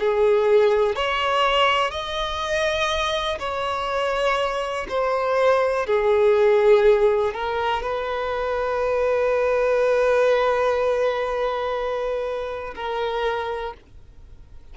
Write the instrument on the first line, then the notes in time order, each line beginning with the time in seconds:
violin
0.00 G#4
0.96 C#5
1.91 D#5
3.40 C#5
4.89 C5
5.87 G#4
7.35 A#4
7.83 B4
12.76 A#4